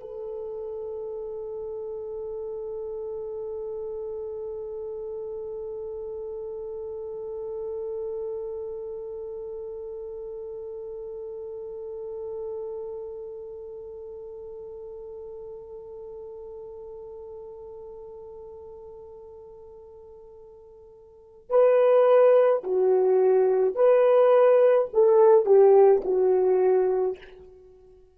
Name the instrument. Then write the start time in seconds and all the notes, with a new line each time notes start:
horn
0.00 A4
21.49 B4
22.64 F#4
23.75 B4
24.93 A4
25.46 G4
26.04 F#4